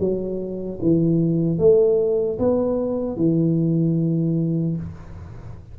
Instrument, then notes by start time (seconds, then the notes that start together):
tuba
0.00 F#3
0.82 E3
1.59 A3
2.39 B3
3.17 E3